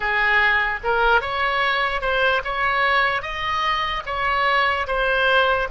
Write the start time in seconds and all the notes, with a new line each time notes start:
0.00 G#4
0.83 A#4
1.21 C#5
2.01 C5
2.44 C#5
3.21 D#5
4.05 C#5
4.86 C5